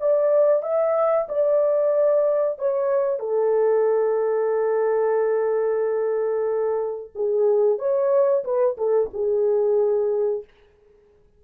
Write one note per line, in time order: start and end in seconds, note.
0.00 0.63 D5
0.63 1.28 E5
1.29 2.58 D5
2.58 3.20 C#5
3.20 7.11 A4
7.15 7.79 G#4
7.79 8.44 C#5
8.44 8.77 B4
8.78 9.10 A4
9.14 10.44 G#4